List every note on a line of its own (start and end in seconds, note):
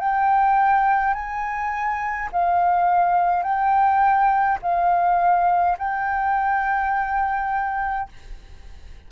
0.00 1.14 G5
1.14 2.30 G#5
2.33 3.44 F5
3.44 4.59 G5
4.63 5.78 F5
5.79 8.10 G5